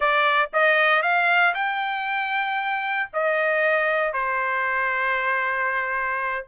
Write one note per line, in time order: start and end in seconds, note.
0.00 0.50 D5
0.53 1.02 D#5
1.02 1.54 F5
1.54 3.09 G5
3.13 4.13 D#5
4.13 6.45 C5